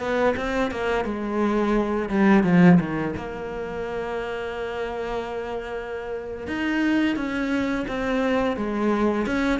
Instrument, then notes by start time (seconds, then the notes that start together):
cello
0.00 B3
0.37 C4
0.71 A#3
1.05 G#3
2.09 G3
2.44 F3
2.80 D#3
3.17 A#3
6.48 D#4
7.16 C#4
7.88 C4
8.57 G#3
9.27 C#4